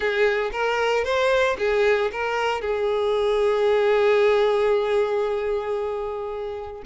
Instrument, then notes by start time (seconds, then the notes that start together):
violin
0.00 G#4
0.51 A#4
1.04 C5
1.58 G#4
2.12 A#4
2.61 G#4